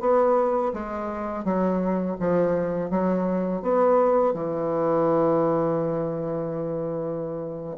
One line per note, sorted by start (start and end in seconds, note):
0.00 0.72 B3
0.73 1.44 G#3
1.44 2.17 F#3
2.19 2.90 F3
2.90 3.62 F#3
3.62 4.33 B3
4.33 7.77 E3